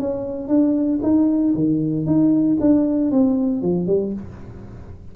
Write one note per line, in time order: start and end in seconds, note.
0.00 0.48 C#4
0.48 1.00 D4
1.03 1.54 D#4
1.54 2.06 D#3
2.06 2.58 D#4
2.61 3.12 D4
3.12 3.62 C4
3.62 3.87 F3
3.87 4.13 G3